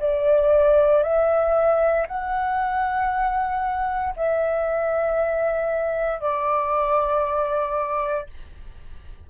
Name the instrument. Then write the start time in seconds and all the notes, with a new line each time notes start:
flute
0.00 D5
1.03 E5
2.07 F#5
4.16 E5
6.20 D5